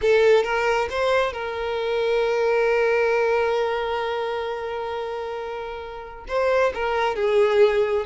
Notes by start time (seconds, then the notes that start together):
0.01 A4
0.43 A#4
0.90 C5
1.32 A#4
6.27 C5
6.74 A#4
7.15 G#4